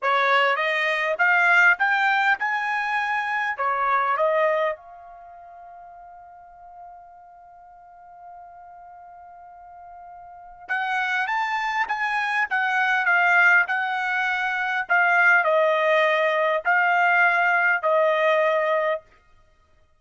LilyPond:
\new Staff \with { instrumentName = "trumpet" } { \time 4/4 \tempo 4 = 101 cis''4 dis''4 f''4 g''4 | gis''2 cis''4 dis''4 | f''1~ | f''1~ |
f''2 fis''4 a''4 | gis''4 fis''4 f''4 fis''4~ | fis''4 f''4 dis''2 | f''2 dis''2 | }